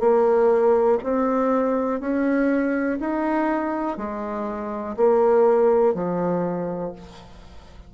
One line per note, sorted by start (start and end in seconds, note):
0.00 0.98 A#3
1.04 2.00 C4
2.00 2.99 C#4
3.00 3.97 D#4
3.97 4.96 G#3
4.97 5.94 A#3
5.94 6.93 F3